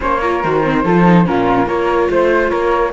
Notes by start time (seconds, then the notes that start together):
0.00 A#3 C#4 C5 C#5
0.20 F4 A#4
0.43 D#3 F#4 C5
0.63 C4
0.84 F3 F4 A4
1.04 D#4
1.25 A#2 C#4 F4 A#4
1.65 A#3 F4 A#4 C#5
2.10 A3 C5
2.49 A#3 A#4 C#5